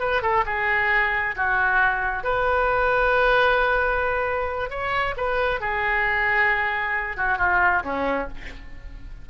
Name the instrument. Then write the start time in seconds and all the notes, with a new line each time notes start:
oboe
0.00 B4
0.23 A4
0.46 G#4
1.37 F#4
2.24 B4
4.70 C#5
5.17 B4
5.61 G#4
7.17 F#4
7.38 F4
7.84 C#4